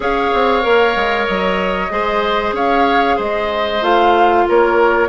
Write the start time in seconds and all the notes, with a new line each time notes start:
0.00 C#4 G#4 C#5 F5
0.34 C4
0.61 A#3 A#4
0.95 G#3
1.26 F#3 D#5
1.89 G#3 G#4 C5
2.52 C#4 C#5 F5
3.16 G#3 C5 D#5
3.81 A3 F4 F5
4.48 A#3 A#4 C#5